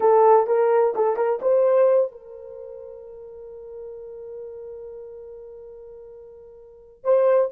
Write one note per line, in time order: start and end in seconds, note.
0.00 0.47 A4
0.47 0.94 A#4
0.95 1.16 A4
1.16 1.39 A#4
1.41 2.11 C5
2.11 7.04 A#4
7.04 7.50 C5